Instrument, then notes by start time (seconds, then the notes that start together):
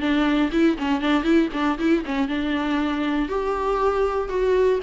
viola
0.00 D4
0.52 E4
0.78 C#4
1.01 D4
1.23 E4
1.53 D4
1.79 E4
2.05 C#4
2.28 D4
3.28 G4
4.29 F#4